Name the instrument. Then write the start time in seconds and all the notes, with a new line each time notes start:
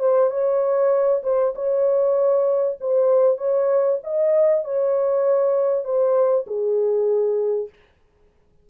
horn
0.00 C5
0.31 C#5
1.24 C5
1.56 C#5
2.81 C5
3.38 C#5
4.04 D#5
4.65 C#5
5.85 C5
6.47 G#4